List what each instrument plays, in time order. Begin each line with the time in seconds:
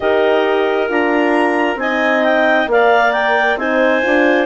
0.00 bassoon D#4, horn G4, clarinet A#4 D#5
0.88 bassoon D4, horn F4, clarinet A#5
1.76 bassoon C4, horn D#4, clarinet D#5 G#5
2.24 clarinet G5
2.66 bassoon A#3, horn A#4, clarinet D5 F5
3.12 clarinet G5
3.56 bassoon C4, horn D#4, clarinet C5 G#5
4.02 bassoon D4, horn F4